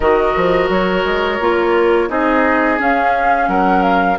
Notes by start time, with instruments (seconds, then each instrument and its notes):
0.00 bassoon D#3, clarinet F#4, oboe A#4, flute D#5
0.36 bassoon F3
0.69 bassoon F#3, flute C#5
1.04 bassoon G#3
1.40 bassoon A#3, clarinet F4
2.09 bassoon C4, clarinet D#4, oboe G#4, flute D#5
2.77 clarinet C#4, bassoon C#4, flute F5
3.48 bassoon F#3, oboe A#4, flute F#5
3.82 flute F5